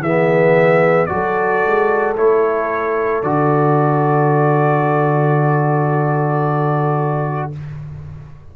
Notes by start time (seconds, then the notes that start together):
0.00 E3 B3 G#4 E5
1.06 F#3 F#4 D5
1.12 A4
1.66 G#3
2.17 A3 E4 C#5
3.23 D3 F#4 D5